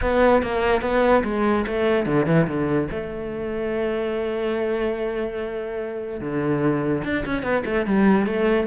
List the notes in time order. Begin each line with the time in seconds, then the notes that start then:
0.01 B3
0.42 A#3
0.81 B3
1.24 G#3
1.66 A3
2.06 D3
2.26 E3
2.47 D3
2.90 A3
6.20 D3
7.03 D4
7.25 C#4
7.43 B3
7.65 A3
7.85 G3
8.26 A3